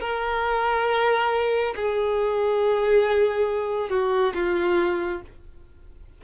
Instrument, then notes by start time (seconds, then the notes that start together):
violin
0.00 A#4
1.76 G#4
3.90 F#4
4.34 F4